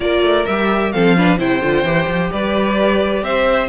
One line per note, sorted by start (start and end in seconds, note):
0.00 0.23 A#3
0.00 0.46 F4
0.00 0.93 A#4
0.00 0.45 D5
0.23 0.46 A3
0.45 0.94 G3
0.45 0.93 G4
0.45 0.92 E5
0.92 1.38 F3
0.92 1.16 C4
0.92 1.16 A4
0.92 1.38 F5
1.17 1.38 D4
1.17 1.38 B4
1.38 1.61 C3
1.38 1.61 E4
1.38 2.30 C5
1.38 2.32 G5
1.61 1.83 D3
1.61 1.85 F4
1.83 2.06 E3
1.83 3.68 G4
2.07 2.30 F3
2.31 3.22 G3
2.31 3.23 B4
2.31 3.24 D5
3.22 3.68 C4
3.22 3.68 C5
3.22 3.68 E5